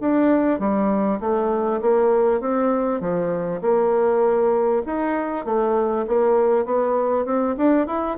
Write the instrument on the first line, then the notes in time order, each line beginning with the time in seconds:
bassoon
0.00 D4
0.59 G3
1.20 A3
1.81 A#3
2.40 C4
3.00 F3
3.61 A#3
4.86 D#4
5.45 A3
6.07 A#3
6.65 B3
7.25 C4
7.57 D4
7.87 E4